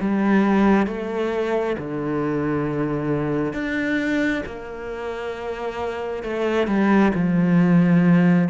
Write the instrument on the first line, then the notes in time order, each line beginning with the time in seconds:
cello
0.00 G3
0.87 A3
1.78 D3
3.53 D4
4.46 A#3
6.23 A3
6.67 G3
7.14 F3